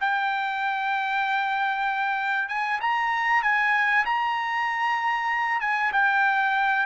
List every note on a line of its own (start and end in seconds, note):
0.00 2.49 G5
2.49 2.80 G#5
2.80 3.42 A#5
3.42 4.05 G#5
4.05 5.61 A#5
5.61 5.92 G#5
5.92 6.86 G5